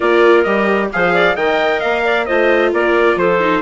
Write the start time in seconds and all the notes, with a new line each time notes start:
0.00 A#3 F4 A#4 D5
0.43 G3 G4 D#5
0.92 F3 G#4 C5 F5
1.13 D5
1.36 D#3 A#4 D#5 G5
1.80 A#3 F5
2.04 D5
2.25 A3 F4 C5 D#5
2.72 A#3 A#4 D5
3.15 F3 A4 C5
3.39 D#4